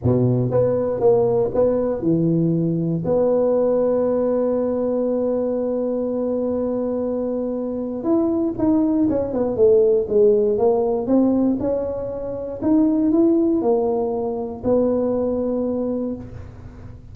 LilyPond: \new Staff \with { instrumentName = "tuba" } { \time 4/4 \tempo 4 = 119 b,4 b4 ais4 b4 | e2 b2~ | b1~ | b1 |
e'4 dis'4 cis'8 b8 a4 | gis4 ais4 c'4 cis'4~ | cis'4 dis'4 e'4 ais4~ | ais4 b2. | }